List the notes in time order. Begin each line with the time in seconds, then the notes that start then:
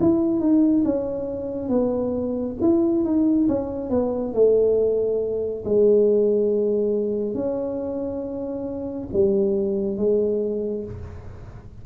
0.00 E4
0.40 D#4
0.85 C#4
1.69 B3
2.61 E4
3.04 D#4
3.48 C#4
3.90 B3
4.34 A3
5.65 G#3
7.34 C#4
9.13 G3
9.97 G#3